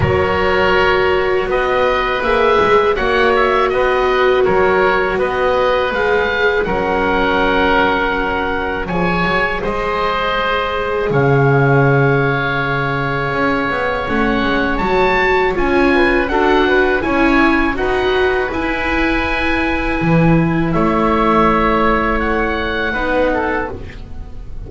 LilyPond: <<
  \new Staff \with { instrumentName = "oboe" } { \time 4/4 \tempo 4 = 81 cis''2 dis''4 e''4 | fis''8 e''8 dis''4 cis''4 dis''4 | f''4 fis''2. | gis''4 dis''2 f''4~ |
f''2. fis''4 | a''4 gis''4 fis''4 gis''4 | fis''4 gis''2. | e''2 fis''2 | }
  \new Staff \with { instrumentName = "oboe" } { \time 4/4 ais'2 b'2 | cis''4 b'4 ais'4 b'4~ | b'4 ais'2. | cis''4 c''2 cis''4~ |
cis''1~ | cis''4. b'8 a'8 b'8 cis''4 | b'1 | cis''2. b'8 a'8 | }
  \new Staff \with { instrumentName = "viola" } { \time 4/4 fis'2. gis'4 | fis'1 | gis'4 cis'2. | gis'1~ |
gis'2. cis'4 | fis'4 f'4 fis'4 e'4 | fis'4 e'2.~ | e'2. dis'4 | }
  \new Staff \with { instrumentName = "double bass" } { \time 4/4 fis2 b4 ais8 gis8 | ais4 b4 fis4 b4 | gis4 fis2. | f8 fis8 gis2 cis4~ |
cis2 cis'8 b8 a8 gis8 | fis4 cis'4 d'4 cis'4 | dis'4 e'2 e4 | a2. b4 | }
>>